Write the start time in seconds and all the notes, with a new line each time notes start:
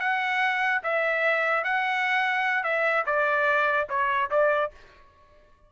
0.00 F#5
0.83 E5
1.64 F#5
2.64 E5
3.06 D5
3.89 C#5
4.31 D5